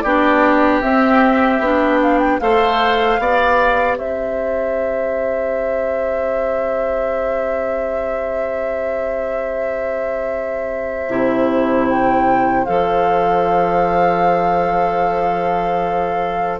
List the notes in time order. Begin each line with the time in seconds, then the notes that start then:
0.00 B3 D4 G4 D5
0.81 C4 E5
1.59 B3 D4
2.02 F5
2.18 G5
2.39 A3 A4 C5 F5
3.18 B3 G4 D5
3.97 C4 C5 E5
11.08 C3 E4
11.88 G5
12.65 F3 A4 F5